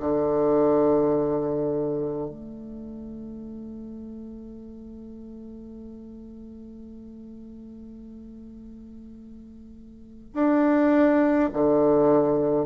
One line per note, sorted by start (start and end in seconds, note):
0.00 2.30 D3
2.30 10.34 A3
10.34 11.49 D4
11.53 12.66 D3